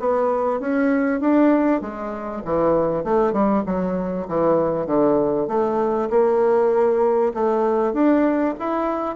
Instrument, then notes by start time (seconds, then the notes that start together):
bassoon
0.00 B3
0.60 C#4
1.21 D4
1.82 G#3
2.45 E3
3.05 A3
3.33 G3
3.66 F#3
4.29 E3
4.87 D3
5.48 A3
6.11 A#3
7.34 A3
7.94 D4
8.60 E4